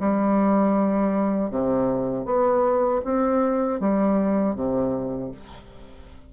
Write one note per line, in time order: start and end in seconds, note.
0.00 1.51 G3
1.51 2.26 C3
2.26 3.02 B3
3.05 3.80 C4
3.80 4.56 G3
4.56 5.32 C3